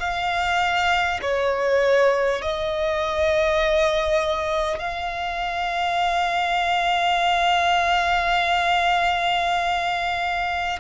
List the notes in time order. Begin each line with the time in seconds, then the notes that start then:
0.00 F5
1.22 C#5
2.42 D#5
4.79 F5